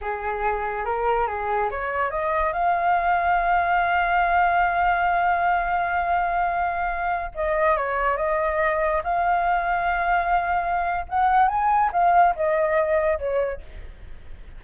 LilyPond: \new Staff \with { instrumentName = "flute" } { \time 4/4 \tempo 4 = 141 gis'2 ais'4 gis'4 | cis''4 dis''4 f''2~ | f''1~ | f''1~ |
f''4~ f''16 dis''4 cis''4 dis''8.~ | dis''4~ dis''16 f''2~ f''8.~ | f''2 fis''4 gis''4 | f''4 dis''2 cis''4 | }